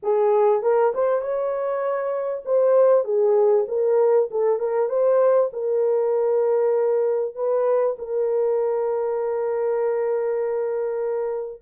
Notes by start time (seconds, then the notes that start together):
0.03 G#4
0.62 A#4
0.94 C5
1.21 C#5
2.45 C5
3.04 G#4
3.68 A#4
4.30 A4
4.59 A#4
4.89 C5
5.52 A#4
7.35 B4
7.98 A#4